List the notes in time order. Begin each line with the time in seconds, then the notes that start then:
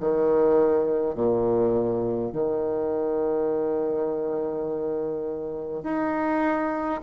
0.00 D#3
1.14 A#2
2.32 D#3
5.83 D#4